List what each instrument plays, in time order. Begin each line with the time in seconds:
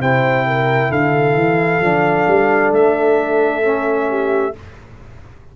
0.00 tuba C3, trombone E4, horn C5, trumpet G5
0.47 horn A#4
0.90 tuba D3, horn A4, trumpet F5
1.35 tuba E3
1.81 tuba F3, trombone D4
2.28 tuba G3
2.72 tuba A3, trumpet E5
3.63 trombone C#4
4.10 horn G4